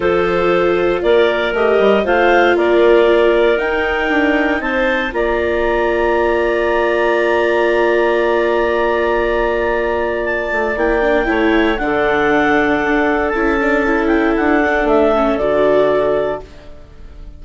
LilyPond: <<
  \new Staff \with { instrumentName = "clarinet" } { \time 4/4 \tempo 4 = 117 c''2 d''4 dis''4 | f''4 d''2 g''4~ | g''4 a''4 ais''2~ | ais''1~ |
ais''1 | a''4 g''2 fis''4~ | fis''2 a''4. g''8 | fis''4 e''4 d''2 | }
  \new Staff \with { instrumentName = "clarinet" } { \time 4/4 a'2 ais'2 | c''4 ais'2.~ | ais'4 c''4 d''2~ | d''1~ |
d''1~ | d''2 cis''4 a'4~ | a'1~ | a'1 | }
  \new Staff \with { instrumentName = "viola" } { \time 4/4 f'2. g'4 | f'2. dis'4~ | dis'2 f'2~ | f'1~ |
f'1~ | f'4 e'8 d'8 e'4 d'4~ | d'2 e'8 d'8 e'4~ | e'8 d'4 cis'8 fis'2 | }
  \new Staff \with { instrumentName = "bassoon" } { \time 4/4 f2 ais4 a8 g8 | a4 ais2 dis'4 | d'4 c'4 ais2~ | ais1~ |
ais1~ | ais8 a8 ais4 a4 d4~ | d4 d'4 cis'2 | d'4 a4 d2 | }
>>